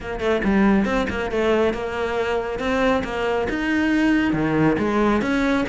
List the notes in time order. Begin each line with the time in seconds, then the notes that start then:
0.00 A#3
0.20 A3
0.43 G3
0.85 C4
1.09 A#3
1.31 A3
1.73 A#3
2.59 C4
3.04 A#3
3.49 D#4
4.33 D#3
4.78 G#3
5.21 C#4